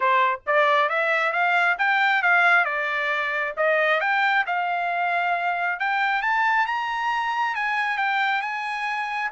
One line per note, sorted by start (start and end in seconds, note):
0.00 0.39 C5
0.46 0.89 D5
0.89 1.32 E5
1.32 1.77 F5
1.78 2.22 G5
2.22 2.64 F5
2.64 3.53 D5
3.57 4.00 D#5
4.00 4.44 G5
4.46 5.79 F5
5.79 6.22 G5
6.22 6.66 A5
6.66 7.55 A#5
7.55 7.97 G#5
7.97 8.41 G5
8.41 9.30 G#5